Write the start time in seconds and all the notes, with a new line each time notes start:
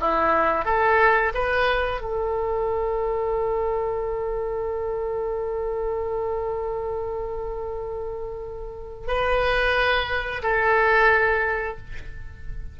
0.00 E4
0.65 A4
1.34 B4
2.01 A4
9.07 B4
10.42 A4